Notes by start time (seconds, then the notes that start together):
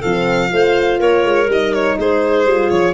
0.00 F3 C4 A4 F5
0.49 A3 F4 C5
0.99 A#3 A#4 C#5
1.24 G#3
1.47 G3 D#4 D#5
1.74 C#5
1.98 G#3 G#4 C5
2.45 G3 F4
2.70 F3 C#5